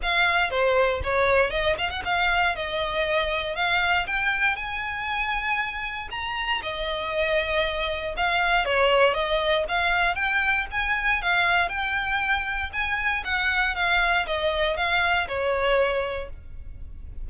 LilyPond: \new Staff \with { instrumentName = "violin" } { \time 4/4 \tempo 4 = 118 f''4 c''4 cis''4 dis''8 f''16 fis''16 | f''4 dis''2 f''4 | g''4 gis''2. | ais''4 dis''2. |
f''4 cis''4 dis''4 f''4 | g''4 gis''4 f''4 g''4~ | g''4 gis''4 fis''4 f''4 | dis''4 f''4 cis''2 | }